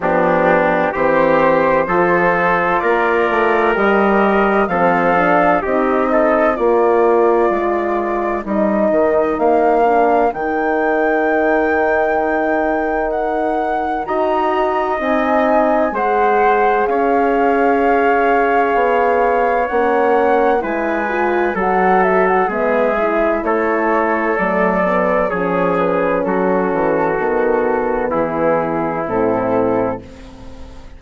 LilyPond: <<
  \new Staff \with { instrumentName = "flute" } { \time 4/4 \tempo 4 = 64 g'4 c''2 d''4 | dis''4 f''4 dis''4 d''4~ | d''4 dis''4 f''4 g''4~ | g''2 fis''4 ais''4 |
gis''4 fis''4 f''2~ | f''4 fis''4 gis''4 fis''8 e''16 fis''16 | e''4 cis''4 d''4 cis''8 b'8 | a'2 gis'4 a'4 | }
  \new Staff \with { instrumentName = "trumpet" } { \time 4/4 d'4 g'4 a'4 ais'4~ | ais'4 a'4 g'8 a'8 ais'4~ | ais'1~ | ais'2. dis''4~ |
dis''4 c''4 cis''2~ | cis''2 b'4 a'4 | gis'4 a'2 gis'4 | fis'2 e'2 | }
  \new Staff \with { instrumentName = "horn" } { \time 4/4 b4 c'4 f'2 | g'4 c'8 d'8 dis'4 f'4~ | f'4 dis'4. d'8 dis'4~ | dis'2. fis'4 |
dis'4 gis'2.~ | gis'4 cis'4 e'8 f'8 fis'4 | b8 e'4. a8 b8 cis'4~ | cis'4 b2 c'4 | }
  \new Staff \with { instrumentName = "bassoon" } { \time 4/4 f4 e4 f4 ais8 a8 | g4 f4 c'4 ais4 | gis4 g8 dis8 ais4 dis4~ | dis2. dis'4 |
c'4 gis4 cis'2 | b4 ais4 gis4 fis4 | gis4 a4 fis4 f4 | fis8 e8 dis4 e4 a,4 | }
>>